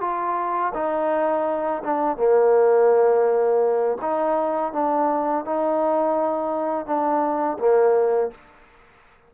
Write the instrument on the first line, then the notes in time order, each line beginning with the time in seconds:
trombone
0.00 F4
0.74 D#4
1.83 D4
2.17 A#3
4.01 D#4
4.73 D4
5.45 D#4
6.85 D4
7.58 A#3